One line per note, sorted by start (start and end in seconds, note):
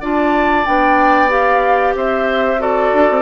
0.00 0.66 D4
0.00 0.65 F4
0.00 1.94 D5
0.00 0.65 A5
0.65 1.94 B3
0.65 1.28 D4
0.65 1.30 G5
1.28 2.57 G4
1.28 1.94 F5
1.94 2.91 C4
1.94 2.60 C5
1.94 2.61 E5
2.58 3.22 F#4
2.58 3.22 A4
2.58 3.22 D5
2.93 3.09 D4
3.10 3.22 C4